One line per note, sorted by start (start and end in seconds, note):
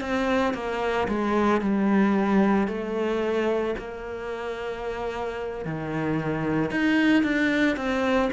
0.00 0.54 C4
0.54 1.07 A#3
1.08 1.61 G#3
1.61 2.67 G3
2.67 3.75 A3
3.78 5.65 A#3
5.65 6.71 D#3
6.71 7.23 D#4
7.23 7.76 D4
7.76 8.29 C4